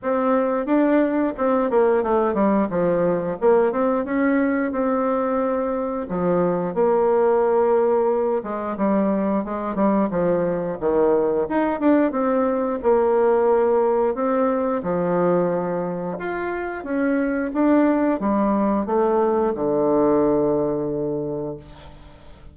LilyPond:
\new Staff \with { instrumentName = "bassoon" } { \time 4/4 \tempo 4 = 89 c'4 d'4 c'8 ais8 a8 g8 | f4 ais8 c'8 cis'4 c'4~ | c'4 f4 ais2~ | ais8 gis8 g4 gis8 g8 f4 |
dis4 dis'8 d'8 c'4 ais4~ | ais4 c'4 f2 | f'4 cis'4 d'4 g4 | a4 d2. | }